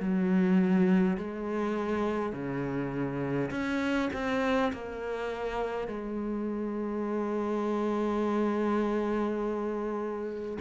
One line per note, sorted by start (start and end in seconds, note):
0.00 1.18 F#3
1.18 2.33 G#3
2.33 3.51 C#3
3.51 4.10 C#4
4.13 4.72 C4
4.73 5.88 A#3
5.88 10.58 G#3